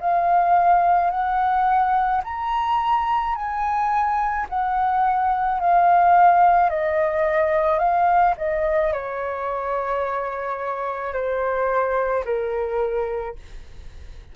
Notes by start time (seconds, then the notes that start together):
0.00 F5
1.11 F#5
2.25 A#5
3.36 G#5
4.50 F#5
5.61 F5
6.70 D#5
7.79 F5
8.37 D#5
8.93 C#5
11.14 C5
12.25 A#4